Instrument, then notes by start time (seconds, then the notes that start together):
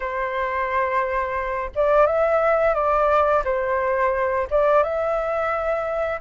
flute
0.00 C5
1.75 D5
2.06 E5
2.74 D5
3.44 C5
4.50 D5
4.83 E5